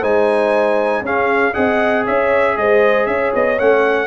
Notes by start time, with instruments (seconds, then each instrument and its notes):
0.00 tuba G#3, trombone D#4, horn C5, trumpet G#5
1.02 tuba C#4, trombone C#4, horn G#4, trumpet F5
1.53 tuba C4, trombone G#4, horn D#5, trumpet F#5
2.04 tuba C#4, horn C#5, trumpet E5
2.57 tuba G#3, horn C5, trumpet D#5
3.06 tuba C#4, horn C#5, trumpet E5
3.35 tuba B3, trumpet D#5
3.59 tuba A3, trombone C#4, trumpet F#5